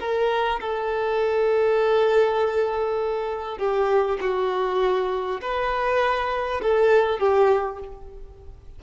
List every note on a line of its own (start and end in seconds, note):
0.00 0.60 A#4
0.60 3.58 A4
3.58 4.18 G4
4.21 5.41 F#4
5.41 6.61 B4
6.62 7.19 A4
7.19 7.79 G4